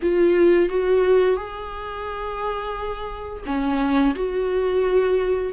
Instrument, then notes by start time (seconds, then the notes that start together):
viola
0.02 F4
0.69 F#4
1.36 G#4
3.45 C#4
4.15 F#4